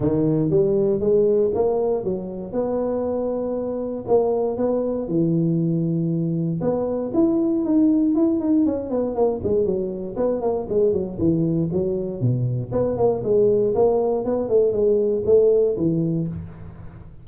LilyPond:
\new Staff \with { instrumentName = "tuba" } { \time 4/4 \tempo 4 = 118 dis4 g4 gis4 ais4 | fis4 b2. | ais4 b4 e2~ | e4 b4 e'4 dis'4 |
e'8 dis'8 cis'8 b8 ais8 gis8 fis4 | b8 ais8 gis8 fis8 e4 fis4 | b,4 b8 ais8 gis4 ais4 | b8 a8 gis4 a4 e4 | }